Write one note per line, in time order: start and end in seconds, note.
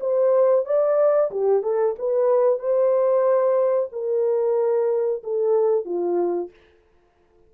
0.00 0.65 C5
0.65 1.30 D5
1.31 1.62 G4
1.62 1.95 A4
1.98 2.59 B4
2.59 3.89 C5
3.92 5.22 A#4
5.24 5.85 A4
5.85 6.50 F4